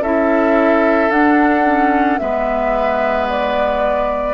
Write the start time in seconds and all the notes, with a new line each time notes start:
0.00 C#4 E4 A4 E5
1.09 D4 F#5
1.64 C#4
2.18 G#3 B3 B4 E5
3.28 D5